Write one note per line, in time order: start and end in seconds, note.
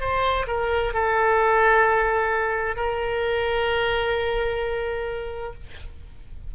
0.00 0.46 C5
0.47 0.93 A#4
0.93 2.76 A4
2.76 5.53 A#4